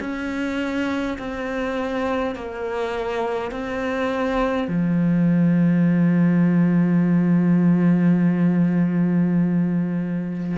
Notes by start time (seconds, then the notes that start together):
0.00 C#4
1.19 C4
2.35 A#3
3.51 C4
4.68 F3